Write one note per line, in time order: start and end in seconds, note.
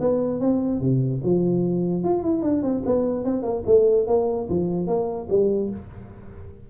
0.00 0.40 B3
0.40 0.81 C4
0.81 1.21 C3
1.23 2.04 F3
2.04 2.23 F4
2.23 2.42 E4
2.42 2.62 D4
2.62 2.83 C4
2.86 3.25 B3
3.25 3.43 C4
3.43 3.63 A#3
3.66 4.07 A3
4.07 4.48 A#3
4.49 4.87 F3
4.87 5.28 A#3
5.29 5.70 G3